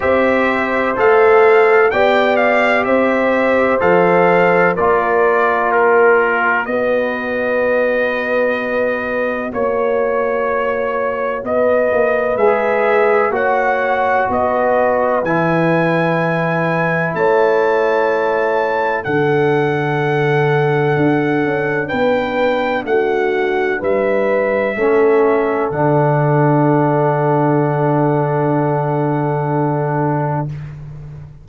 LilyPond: <<
  \new Staff \with { instrumentName = "trumpet" } { \time 4/4 \tempo 4 = 63 e''4 f''4 g''8 f''8 e''4 | f''4 d''4 ais'4 dis''4~ | dis''2 cis''2 | dis''4 e''4 fis''4 dis''4 |
gis''2 a''2 | fis''2. g''4 | fis''4 e''2 fis''4~ | fis''1 | }
  \new Staff \with { instrumentName = "horn" } { \time 4/4 c''2 d''4 c''4~ | c''4 ais'2 b'4~ | b'2 cis''2 | b'2 cis''4 b'4~ |
b'2 cis''2 | a'2. b'4 | fis'4 b'4 a'2~ | a'1 | }
  \new Staff \with { instrumentName = "trombone" } { \time 4/4 g'4 a'4 g'2 | a'4 f'2 fis'4~ | fis'1~ | fis'4 gis'4 fis'2 |
e'1 | d'1~ | d'2 cis'4 d'4~ | d'1 | }
  \new Staff \with { instrumentName = "tuba" } { \time 4/4 c'4 a4 b4 c'4 | f4 ais2 b4~ | b2 ais2 | b8 ais8 gis4 ais4 b4 |
e2 a2 | d2 d'8 cis'8 b4 | a4 g4 a4 d4~ | d1 | }
>>